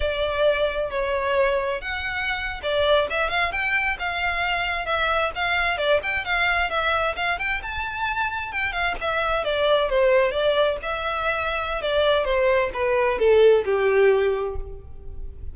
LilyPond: \new Staff \with { instrumentName = "violin" } { \time 4/4 \tempo 4 = 132 d''2 cis''2 | fis''4.~ fis''16 d''4 e''8 f''8 g''16~ | g''8. f''2 e''4 f''16~ | f''8. d''8 g''8 f''4 e''4 f''16~ |
f''16 g''8 a''2 g''8 f''8 e''16~ | e''8. d''4 c''4 d''4 e''16~ | e''2 d''4 c''4 | b'4 a'4 g'2 | }